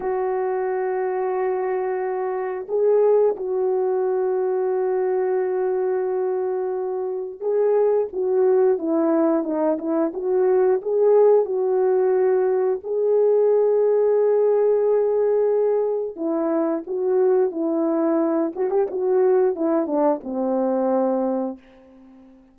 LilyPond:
\new Staff \with { instrumentName = "horn" } { \time 4/4 \tempo 4 = 89 fis'1 | gis'4 fis'2.~ | fis'2. gis'4 | fis'4 e'4 dis'8 e'8 fis'4 |
gis'4 fis'2 gis'4~ | gis'1 | e'4 fis'4 e'4. fis'16 g'16 | fis'4 e'8 d'8 c'2 | }